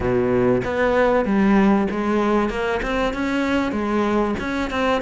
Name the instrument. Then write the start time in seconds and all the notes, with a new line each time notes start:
cello
0.00 B2
0.64 B3
1.25 G3
1.90 G#3
2.49 A#3
2.82 C4
3.13 C#4
3.72 G#3
4.39 C#4
4.70 C4